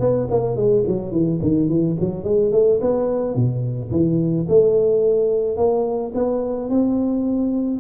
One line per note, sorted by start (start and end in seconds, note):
0.00 0.28 B3
0.31 0.56 A#3
0.56 0.84 G#3
0.87 1.12 F#3
1.12 1.40 E3
1.42 1.69 D#3
1.69 1.97 E3
2.00 2.24 F#3
2.24 2.52 G#3
2.52 2.80 A3
2.82 3.35 B3
3.35 3.91 B2
3.91 4.47 E3
4.48 5.57 A3
5.57 6.12 A#3
6.14 6.69 B3
6.69 7.80 C4